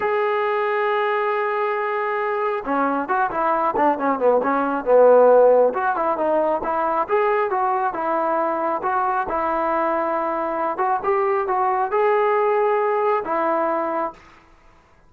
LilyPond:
\new Staff \with { instrumentName = "trombone" } { \time 4/4 \tempo 4 = 136 gis'1~ | gis'2 cis'4 fis'8 e'8~ | e'8 d'8 cis'8 b8 cis'4 b4~ | b4 fis'8 e'8 dis'4 e'4 |
gis'4 fis'4 e'2 | fis'4 e'2.~ | e'8 fis'8 g'4 fis'4 gis'4~ | gis'2 e'2 | }